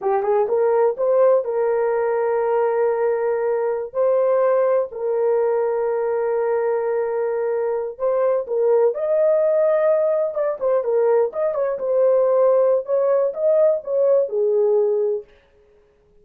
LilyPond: \new Staff \with { instrumentName = "horn" } { \time 4/4 \tempo 4 = 126 g'8 gis'8 ais'4 c''4 ais'4~ | ais'1~ | ais'16 c''2 ais'4.~ ais'16~ | ais'1~ |
ais'8. c''4 ais'4 dis''4~ dis''16~ | dis''4.~ dis''16 d''8 c''8 ais'4 dis''16~ | dis''16 cis''8 c''2~ c''16 cis''4 | dis''4 cis''4 gis'2 | }